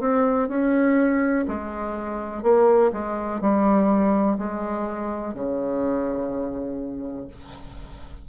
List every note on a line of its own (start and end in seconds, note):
0.00 0.48 C4
0.48 1.45 C#4
1.48 2.43 G#3
2.43 2.91 A#3
2.92 3.40 G#3
3.40 4.37 G3
4.38 5.34 G#3
5.34 7.28 C#3